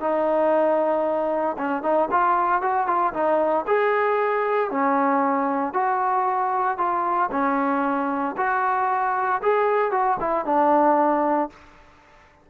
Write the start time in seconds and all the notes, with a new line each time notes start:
0.00 D#4
1.58 C#4
1.82 D#4
2.11 F4
2.62 F#4
2.87 F4
3.13 D#4
3.67 G#4
4.71 C#4
5.73 F#4
6.78 F4
7.31 C#4
8.37 F#4
9.42 G#4
9.91 F#4
10.20 E4
10.45 D4